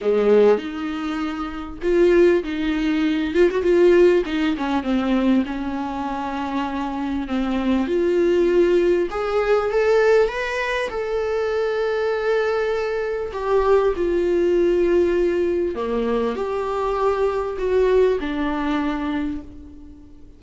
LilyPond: \new Staff \with { instrumentName = "viola" } { \time 4/4 \tempo 4 = 99 gis4 dis'2 f'4 | dis'4. f'16 fis'16 f'4 dis'8 cis'8 | c'4 cis'2. | c'4 f'2 gis'4 |
a'4 b'4 a'2~ | a'2 g'4 f'4~ | f'2 ais4 g'4~ | g'4 fis'4 d'2 | }